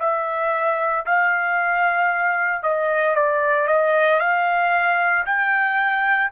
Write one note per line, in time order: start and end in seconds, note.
0.00 1.05 E5
1.06 2.63 F5
2.63 3.15 D#5
3.15 3.67 D5
3.67 4.20 D#5
4.20 5.25 F5
5.26 6.31 G5